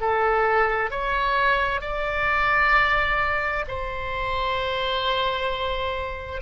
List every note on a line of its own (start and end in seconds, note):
0.00 0.91 A4
0.91 1.80 C#5
1.80 3.65 D5
3.68 6.41 C5